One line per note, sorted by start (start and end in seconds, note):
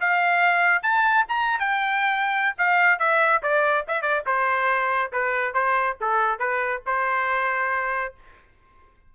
0.00 0.82 F5
0.82 1.25 A5
1.28 1.59 A#5
1.59 2.56 G5
2.58 2.99 F5
2.99 3.42 E5
3.42 3.85 D5
3.87 4.01 E5
4.01 4.23 D5
4.26 5.12 C5
5.12 5.53 B4
5.53 5.96 C5
6.00 6.39 A4
6.39 6.82 B4
6.86 8.14 C5